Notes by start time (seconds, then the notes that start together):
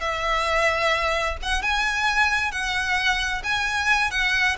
0.00 E5
1.42 F#5
1.62 G#5
2.51 F#5
3.43 G#5
4.11 F#5